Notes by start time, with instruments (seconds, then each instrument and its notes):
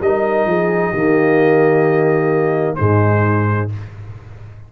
0.00 tuba G3, trombone D#4, horn A#4, trumpet D#5
0.45 tuba F3, horn G#4
0.91 tuba D#3, trombone A#3, horn G4
2.75 tuba G#2, trombone G#3, horn D#4, trumpet C5